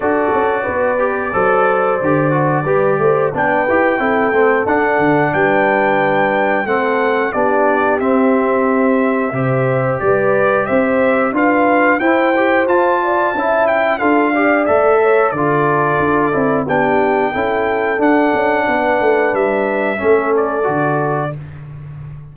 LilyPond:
<<
  \new Staff \with { instrumentName = "trumpet" } { \time 4/4 \tempo 4 = 90 d''1~ | d''4 g''2 fis''4 | g''2 fis''4 d''4 | e''2. d''4 |
e''4 f''4 g''4 a''4~ | a''8 g''8 f''4 e''4 d''4~ | d''4 g''2 fis''4~ | fis''4 e''4. d''4. | }
  \new Staff \with { instrumentName = "horn" } { \time 4/4 a'4 b'4 c''2 | b'8 c''8 b'4 a'2 | b'2 a'4 g'4~ | g'2 c''4 b'4 |
c''4 b'4 c''4. d''8 | e''4 a'8 d''4 cis''8 a'4~ | a'4 g'4 a'2 | b'2 a'2 | }
  \new Staff \with { instrumentName = "trombone" } { \time 4/4 fis'4. g'8 a'4 g'8 fis'8 | g'4 d'8 g'8 e'8 c'8 d'4~ | d'2 c'4 d'4 | c'2 g'2~ |
g'4 f'4 e'8 g'8 f'4 | e'4 f'8 g'8 a'4 f'4~ | f'8 e'8 d'4 e'4 d'4~ | d'2 cis'4 fis'4 | }
  \new Staff \with { instrumentName = "tuba" } { \time 4/4 d'8 cis'8 b4 fis4 d4 | g8 a8 b8 e'8 c'8 a8 d'8 d8 | g2 a4 b4 | c'2 c4 g4 |
c'4 d'4 e'4 f'4 | cis'4 d'4 a4 d4 | d'8 c'8 b4 cis'4 d'8 cis'8 | b8 a8 g4 a4 d4 | }
>>